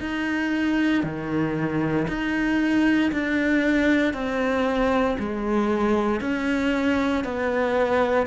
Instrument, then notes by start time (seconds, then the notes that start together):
cello
0.00 D#4
1.03 D#3
2.07 D#4
3.11 D4
4.13 C4
5.19 G#3
6.20 C#4
7.24 B3